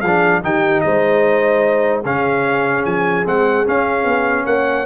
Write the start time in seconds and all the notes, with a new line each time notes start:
0.00 F3 G#4 F5
0.07 D4
0.42 D#3 D#4 G4 G5
0.80 G#3 C5 D#5
2.03 C#3 C#4 G#4 F5
2.85 F3 G#5
3.25 G#3 C4 F#5
3.65 C#4 F5
4.04 B3
4.45 A#3 C#5 F#5